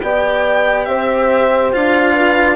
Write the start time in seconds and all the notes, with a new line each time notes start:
0.00 B3 G4 D5 G5
0.85 C4 C5 E5
1.72 D4 F4 F5
2.13 B4